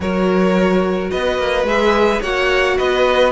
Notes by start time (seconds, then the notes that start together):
0.00 F#3 F#4 A#4 C#5
1.10 B3 B4 D#5
1.38 A#3
1.63 G#3 G#4 E5
2.21 A#3 F#4 C#5 F#5
2.77 B3 B4 D#5